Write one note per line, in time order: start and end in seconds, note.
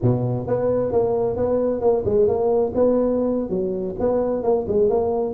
0.01 0.47 B2
0.47 0.92 B3
0.92 1.36 A#3
1.36 1.81 B3
1.81 2.03 A#3
2.05 2.27 G#3
2.27 2.73 A#3
2.74 3.49 B3
3.49 3.95 F#3
3.99 4.43 B3
4.43 4.65 A#3
4.68 4.89 G#3
4.89 5.34 A#3